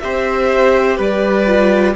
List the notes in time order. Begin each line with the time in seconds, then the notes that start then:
0.00 C4 G4 C5 E5
0.97 G3 B4 D5
1.46 F4